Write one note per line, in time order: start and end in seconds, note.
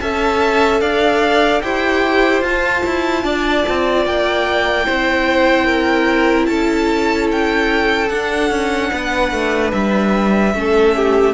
0.00 0.81 C#4
0.00 1.63 A4
0.00 0.81 E5
0.00 0.81 A5
0.81 1.62 D4
0.81 1.62 D5
0.81 1.62 F5
1.62 2.42 E4
1.62 2.44 G4
1.62 3.24 C5
1.62 2.43 G5
2.42 2.83 F4
2.42 4.83 F4
2.42 4.06 A5
2.86 3.24 E4
3.24 3.64 D4
3.24 4.85 D5
3.69 4.06 C4
4.06 4.87 A#3
4.06 6.46 G5
4.83 6.47 C4
4.83 8.07 E4
4.83 5.65 C5
5.65 6.46 A#4
6.46 8.09 C#4
6.46 8.91 A4
6.46 7.27 A5
7.31 8.09 G5
8.09 8.50 D4
8.09 10.54 D4
8.09 9.71 F#5
8.50 8.91 C#4
8.93 9.32 B3
8.93 10.55 B4
9.32 9.72 A3
9.72 10.54 G3
9.72 11.34 E5
10.54 11.34 A3
10.54 11.34 C#4
10.54 10.96 A4
10.96 11.34 G4